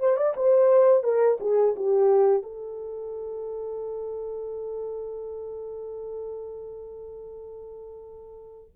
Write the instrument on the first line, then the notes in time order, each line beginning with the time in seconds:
horn
0.00 C5
0.17 D5
0.36 C5
1.04 A#4
1.40 G#4
1.76 G4
2.43 A4